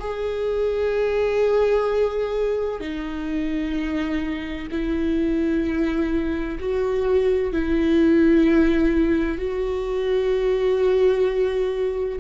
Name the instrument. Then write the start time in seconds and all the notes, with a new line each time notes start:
viola
0.00 G#4
2.80 D#4
4.71 E4
6.60 F#4
7.53 E4
9.38 F#4